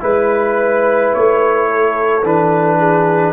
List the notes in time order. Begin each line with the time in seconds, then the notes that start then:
0.00 G#3 E4 B4
1.14 A3 C#5
1.69 A4
2.23 E3 D4 B4
2.78 G#4